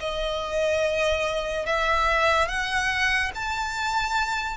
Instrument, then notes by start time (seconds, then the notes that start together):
violin
0.00 D#5
1.66 E5
2.48 F#5
3.35 A5